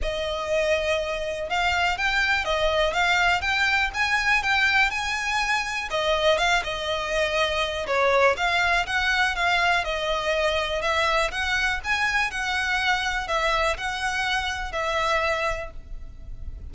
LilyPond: \new Staff \with { instrumentName = "violin" } { \time 4/4 \tempo 4 = 122 dis''2. f''4 | g''4 dis''4 f''4 g''4 | gis''4 g''4 gis''2 | dis''4 f''8 dis''2~ dis''8 |
cis''4 f''4 fis''4 f''4 | dis''2 e''4 fis''4 | gis''4 fis''2 e''4 | fis''2 e''2 | }